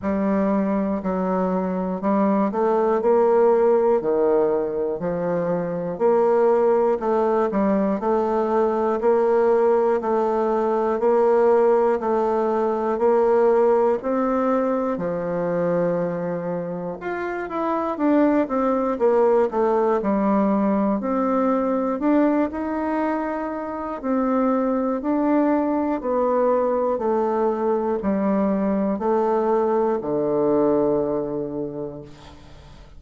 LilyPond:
\new Staff \with { instrumentName = "bassoon" } { \time 4/4 \tempo 4 = 60 g4 fis4 g8 a8 ais4 | dis4 f4 ais4 a8 g8 | a4 ais4 a4 ais4 | a4 ais4 c'4 f4~ |
f4 f'8 e'8 d'8 c'8 ais8 a8 | g4 c'4 d'8 dis'4. | c'4 d'4 b4 a4 | g4 a4 d2 | }